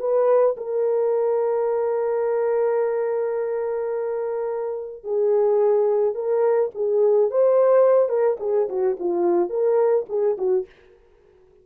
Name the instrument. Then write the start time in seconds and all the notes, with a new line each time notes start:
horn
0.00 B4
0.57 A#4
5.04 G#4
6.15 A#4
6.75 G#4
7.31 C5
8.09 A#4
8.40 G#4
8.69 F#4
8.99 F4
9.49 A#4
10.09 G#4
10.38 F#4